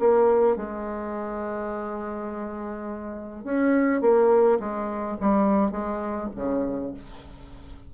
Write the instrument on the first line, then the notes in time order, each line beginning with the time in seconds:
bassoon
0.00 A#3
0.56 G#3
3.44 C#4
4.01 A#3
4.60 G#3
5.21 G3
5.71 G#3
6.36 C#3